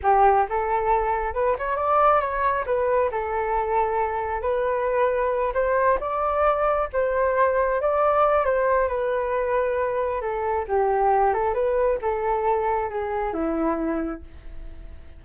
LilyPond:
\new Staff \with { instrumentName = "flute" } { \time 4/4 \tempo 4 = 135 g'4 a'2 b'8 cis''8 | d''4 cis''4 b'4 a'4~ | a'2 b'2~ | b'8 c''4 d''2 c''8~ |
c''4. d''4. c''4 | b'2. a'4 | g'4. a'8 b'4 a'4~ | a'4 gis'4 e'2 | }